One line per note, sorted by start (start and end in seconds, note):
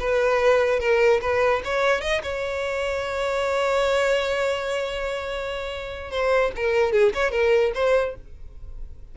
0.00 0.80 B4
0.80 1.21 A#4
1.22 1.63 B4
1.65 2.02 C#5
2.02 2.22 D#5
2.23 6.11 C#5
6.11 6.52 C5
6.56 6.93 A#4
6.93 7.13 G#4
7.14 7.32 C#5
7.32 7.72 A#4
7.75 8.16 C5